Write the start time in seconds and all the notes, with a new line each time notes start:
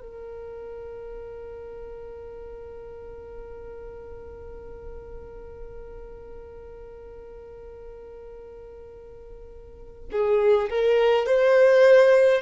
0.00 A#4
10.11 G#4
10.69 A#4
11.26 C5